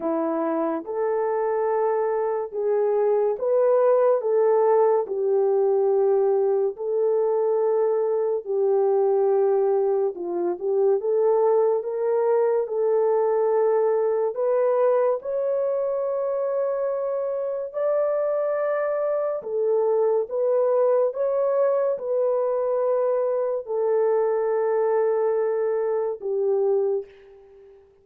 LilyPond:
\new Staff \with { instrumentName = "horn" } { \time 4/4 \tempo 4 = 71 e'4 a'2 gis'4 | b'4 a'4 g'2 | a'2 g'2 | f'8 g'8 a'4 ais'4 a'4~ |
a'4 b'4 cis''2~ | cis''4 d''2 a'4 | b'4 cis''4 b'2 | a'2. g'4 | }